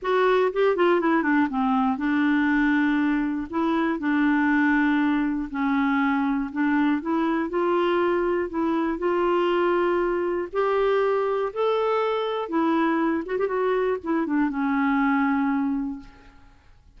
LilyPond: \new Staff \with { instrumentName = "clarinet" } { \time 4/4 \tempo 4 = 120 fis'4 g'8 f'8 e'8 d'8 c'4 | d'2. e'4 | d'2. cis'4~ | cis'4 d'4 e'4 f'4~ |
f'4 e'4 f'2~ | f'4 g'2 a'4~ | a'4 e'4. fis'16 g'16 fis'4 | e'8 d'8 cis'2. | }